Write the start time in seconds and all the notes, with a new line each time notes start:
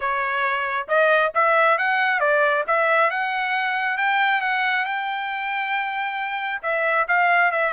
0.00 C#5
0.88 D#5
1.34 E5
1.78 F#5
2.19 D5
2.67 E5
3.10 F#5
3.97 G5
4.41 F#5
4.85 G5
6.62 E5
7.07 F5
7.51 E5